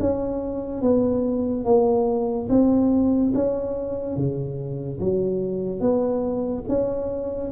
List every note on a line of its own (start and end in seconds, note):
0.00 0.81 C#4
0.81 1.65 B3
1.65 2.48 A#3
2.49 3.33 C4
3.34 4.16 C#4
4.16 5.00 C#3
5.00 5.80 F#3
5.80 6.64 B3
6.68 7.52 C#4